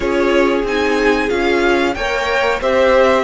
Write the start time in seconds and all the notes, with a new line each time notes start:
0.00 C#4 F4 G#4 C#5
0.63 C4 D#4 G#5
1.29 C#4 F4 F5
1.94 A#3 A#4 C#5 G5
2.61 C4 G4 C5 E5